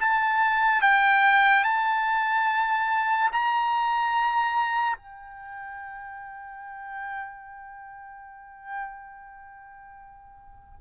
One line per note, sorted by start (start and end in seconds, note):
0.00 0.82 A5
0.82 1.64 G5
1.64 3.31 A5
3.32 4.97 A#5
4.97 10.80 G5